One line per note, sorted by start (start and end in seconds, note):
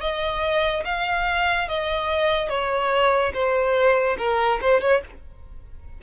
0.00 0.83 D#5
0.84 1.68 F5
1.68 2.49 D#5
2.49 3.32 C#5
3.33 4.17 C5
4.17 4.59 A#4
4.61 4.81 C5
4.81 5.02 C#5